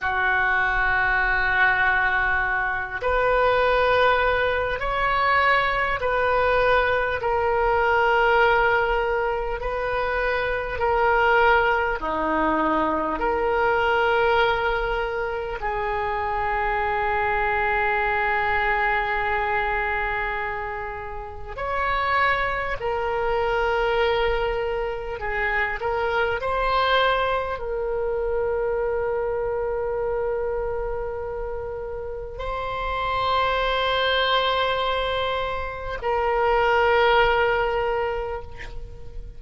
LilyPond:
\new Staff \with { instrumentName = "oboe" } { \time 4/4 \tempo 4 = 50 fis'2~ fis'8 b'4. | cis''4 b'4 ais'2 | b'4 ais'4 dis'4 ais'4~ | ais'4 gis'2.~ |
gis'2 cis''4 ais'4~ | ais'4 gis'8 ais'8 c''4 ais'4~ | ais'2. c''4~ | c''2 ais'2 | }